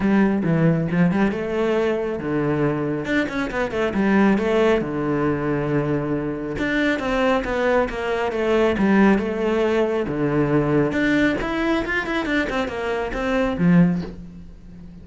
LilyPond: \new Staff \with { instrumentName = "cello" } { \time 4/4 \tempo 4 = 137 g4 e4 f8 g8 a4~ | a4 d2 d'8 cis'8 | b8 a8 g4 a4 d4~ | d2. d'4 |
c'4 b4 ais4 a4 | g4 a2 d4~ | d4 d'4 e'4 f'8 e'8 | d'8 c'8 ais4 c'4 f4 | }